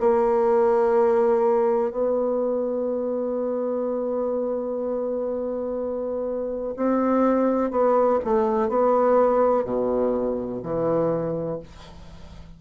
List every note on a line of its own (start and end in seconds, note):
0.00 1.90 A#3
1.90 6.74 B3
6.77 7.71 C4
7.71 8.19 B3
8.24 8.69 A3
8.69 9.64 B3
9.64 10.61 B2
10.63 11.60 E3